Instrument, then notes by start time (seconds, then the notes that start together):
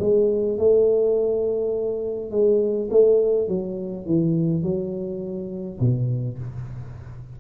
tuba
0.00 G#3
0.58 A3
2.31 G#3
2.91 A3
3.48 F#3
4.06 E3
4.63 F#3
5.80 B2